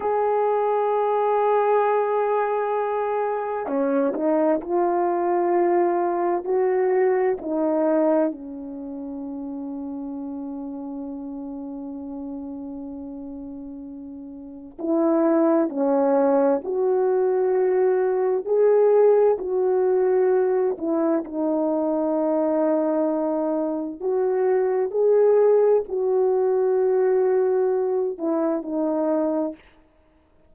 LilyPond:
\new Staff \with { instrumentName = "horn" } { \time 4/4 \tempo 4 = 65 gis'1 | cis'8 dis'8 f'2 fis'4 | dis'4 cis'2.~ | cis'1 |
e'4 cis'4 fis'2 | gis'4 fis'4. e'8 dis'4~ | dis'2 fis'4 gis'4 | fis'2~ fis'8 e'8 dis'4 | }